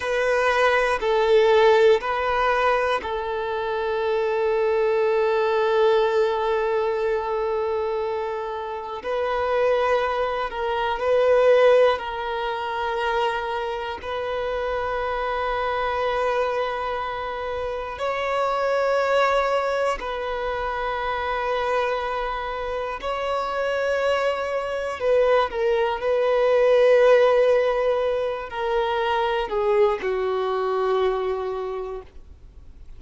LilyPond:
\new Staff \with { instrumentName = "violin" } { \time 4/4 \tempo 4 = 60 b'4 a'4 b'4 a'4~ | a'1~ | a'4 b'4. ais'8 b'4 | ais'2 b'2~ |
b'2 cis''2 | b'2. cis''4~ | cis''4 b'8 ais'8 b'2~ | b'8 ais'4 gis'8 fis'2 | }